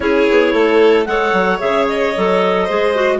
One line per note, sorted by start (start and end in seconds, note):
0.00 0.25 C#4
0.00 1.06 E4
0.00 0.53 G#4
0.00 1.05 C#5
0.30 0.53 B3
0.53 1.06 A3
0.53 1.07 A4
1.05 1.33 G#3
1.05 1.59 A4
1.05 2.64 C#5
1.05 1.59 F#5
1.33 1.59 F#3
1.59 2.15 C#3
1.59 2.13 G#4
1.59 1.86 E5
1.88 3.19 D#5
2.16 2.69 F#3
2.16 2.69 A4
2.64 3.19 G#3
2.64 2.95 G#4
2.64 3.17 C5
2.95 3.19 F#4